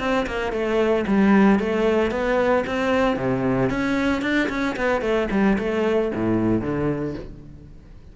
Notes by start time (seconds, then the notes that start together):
0.00 C4
0.27 A#3
0.52 A3
1.07 G3
1.60 A3
2.11 B3
2.67 C4
3.17 C3
3.70 C#4
4.22 D4
4.49 C#4
4.76 B3
5.02 A3
5.31 G3
5.59 A3
6.15 A2
6.62 D3